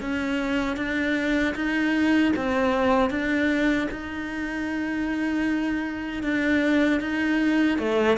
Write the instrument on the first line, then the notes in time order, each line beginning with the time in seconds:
cello
0.00 C#4
0.77 D4
1.54 D#4
2.36 C4
3.10 D4
3.90 D#4
6.22 D4
7.00 D#4
7.78 A3